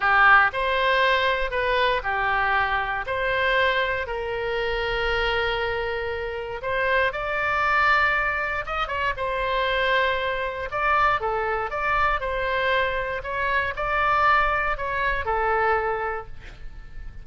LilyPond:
\new Staff \with { instrumentName = "oboe" } { \time 4/4 \tempo 4 = 118 g'4 c''2 b'4 | g'2 c''2 | ais'1~ | ais'4 c''4 d''2~ |
d''4 dis''8 cis''8 c''2~ | c''4 d''4 a'4 d''4 | c''2 cis''4 d''4~ | d''4 cis''4 a'2 | }